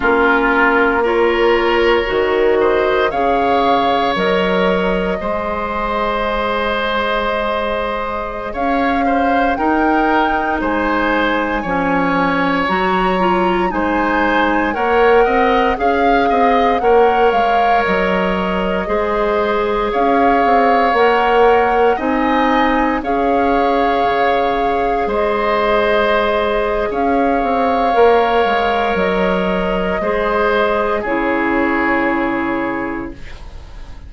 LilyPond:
<<
  \new Staff \with { instrumentName = "flute" } { \time 4/4 \tempo 4 = 58 ais'4 cis''4. dis''8 f''4 | dis''1~ | dis''16 f''4 g''4 gis''4.~ gis''16~ | gis''16 ais''4 gis''4 fis''4 f''8.~ |
f''16 fis''8 f''8 dis''2 f''8.~ | f''16 fis''4 gis''4 f''4.~ f''16~ | f''16 dis''4.~ dis''16 f''2 | dis''2 cis''2 | }
  \new Staff \with { instrumentName = "oboe" } { \time 4/4 f'4 ais'4. c''8 cis''4~ | cis''4 c''2.~ | c''16 cis''8 c''8 ais'4 c''4 cis''8.~ | cis''4~ cis''16 c''4 cis''8 dis''8 f''8 dis''16~ |
dis''16 cis''2 c''4 cis''8.~ | cis''4~ cis''16 dis''4 cis''4.~ cis''16~ | cis''16 c''4.~ c''16 cis''2~ | cis''4 c''4 gis'2 | }
  \new Staff \with { instrumentName = "clarinet" } { \time 4/4 cis'4 f'4 fis'4 gis'4 | ais'4 gis'2.~ | gis'4~ gis'16 dis'2 cis'8.~ | cis'16 fis'8 f'8 dis'4 ais'4 gis'8.~ |
gis'16 ais'2 gis'4.~ gis'16~ | gis'16 ais'4 dis'4 gis'4.~ gis'16~ | gis'2. ais'4~ | ais'4 gis'4 e'2 | }
  \new Staff \with { instrumentName = "bassoon" } { \time 4/4 ais2 dis4 cis4 | fis4 gis2.~ | gis16 cis'4 dis'4 gis4 f8.~ | f16 fis4 gis4 ais8 c'8 cis'8 c'16~ |
c'16 ais8 gis8 fis4 gis4 cis'8 c'16~ | c'16 ais4 c'4 cis'4 cis8.~ | cis16 gis4.~ gis16 cis'8 c'8 ais8 gis8 | fis4 gis4 cis2 | }
>>